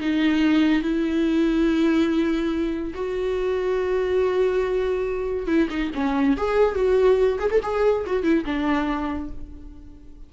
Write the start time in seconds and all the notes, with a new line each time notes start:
0.00 D#4
0.82 E4
2.94 F#4
5.47 E4
5.70 D#4
5.95 C#4
6.37 G#4
6.75 F#4
7.39 G#4
7.51 A4
7.63 G#4
8.06 F#4
8.23 E4
8.45 D4